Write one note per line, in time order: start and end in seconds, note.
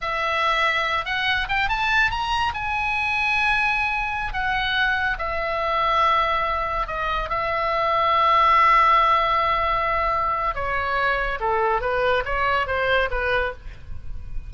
0.01 1.05 E5
1.05 1.47 F#5
1.48 1.68 G5
1.68 2.10 A5
2.10 2.52 A#5
2.54 4.33 G#5
4.33 5.17 F#5
5.18 6.87 E5
6.87 7.29 D#5
7.29 10.54 E5
10.54 11.39 C#5
11.40 11.81 A4
11.81 12.23 B4
12.25 12.66 C#5
12.66 13.09 C5
13.10 13.52 B4